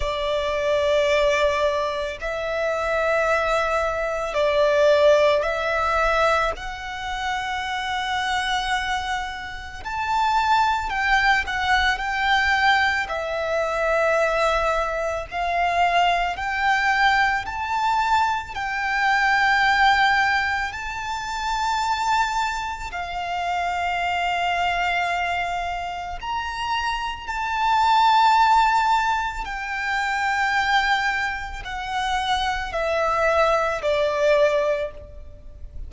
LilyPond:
\new Staff \with { instrumentName = "violin" } { \time 4/4 \tempo 4 = 55 d''2 e''2 | d''4 e''4 fis''2~ | fis''4 a''4 g''8 fis''8 g''4 | e''2 f''4 g''4 |
a''4 g''2 a''4~ | a''4 f''2. | ais''4 a''2 g''4~ | g''4 fis''4 e''4 d''4 | }